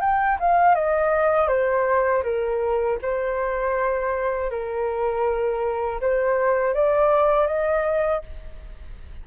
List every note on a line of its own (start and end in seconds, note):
0.00 0.38 G5
0.39 0.74 F5
0.74 1.47 D#5
1.47 2.22 C5
2.23 2.98 A#4
3.02 4.50 C5
4.50 6.00 A#4
6.00 6.74 C5
6.74 7.47 D5
7.47 8.22 D#5